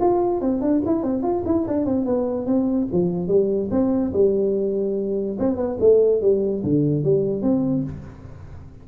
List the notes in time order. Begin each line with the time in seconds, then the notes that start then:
0.00 F4
0.41 C4
0.61 D4
0.86 E4
1.03 C4
1.22 F4
1.46 E4
1.67 D4
1.85 C4
2.05 B3
2.46 C4
2.92 F3
3.28 G3
3.71 C4
4.13 G3
5.39 C4
5.57 B3
5.80 A3
6.21 G3
6.63 D3
7.04 G3
7.42 C4